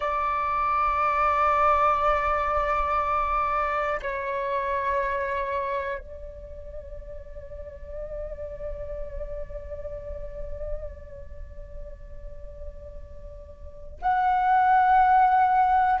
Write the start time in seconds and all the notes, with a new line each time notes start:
0.00 D5
4.02 C#5
5.99 D5
14.01 F#5